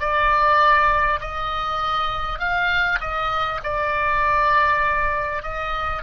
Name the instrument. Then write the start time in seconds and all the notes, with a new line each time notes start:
oboe
0.00 D5
1.21 D#5
2.39 F5
3.01 D#5
3.64 D5
5.43 D#5